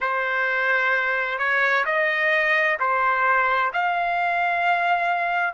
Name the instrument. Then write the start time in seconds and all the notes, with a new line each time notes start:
trumpet
0.00 C5
1.38 C#5
1.85 D#5
2.79 C5
3.73 F5